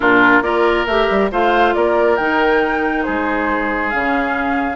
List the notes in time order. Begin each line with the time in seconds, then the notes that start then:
0.00 A#2 D4 F4 A#4
0.41 A#3 F4 A#4 D5
0.86 A3 G4 E5
1.10 G3
1.31 A3 F4 C5 F5
1.74 A#3 A#4 D5
2.16 D#3 D#4 G5
3.03 G#3 G#4 C5
3.89 C#3 C#4 F5